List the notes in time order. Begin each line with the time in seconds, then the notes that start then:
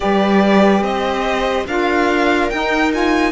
0.00 G3 G4 B4 D5
0.82 C4 C5 D#5
1.66 D4 F4 A#4 F5
2.50 D#4 G5
2.92 F4 G#5